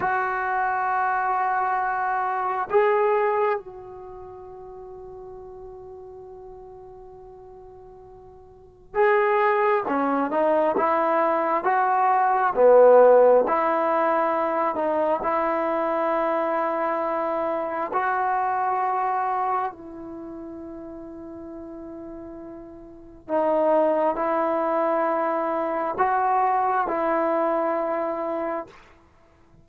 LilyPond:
\new Staff \with { instrumentName = "trombone" } { \time 4/4 \tempo 4 = 67 fis'2. gis'4 | fis'1~ | fis'2 gis'4 cis'8 dis'8 | e'4 fis'4 b4 e'4~ |
e'8 dis'8 e'2. | fis'2 e'2~ | e'2 dis'4 e'4~ | e'4 fis'4 e'2 | }